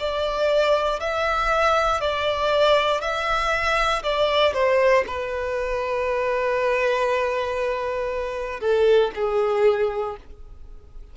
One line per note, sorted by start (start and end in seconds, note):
0.00 1.00 D5
1.00 2.01 E5
2.01 3.01 D5
3.01 4.03 E5
4.04 4.54 D5
4.54 5.05 C5
5.08 8.61 B4
8.61 9.12 A4
9.15 10.17 G#4